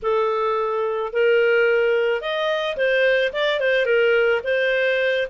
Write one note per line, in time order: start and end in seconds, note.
0.02 1.12 A4
1.12 2.21 A#4
2.21 2.76 D#5
2.76 3.32 C5
3.32 3.60 D5
3.60 3.85 C5
3.85 4.41 A#4
4.43 5.27 C5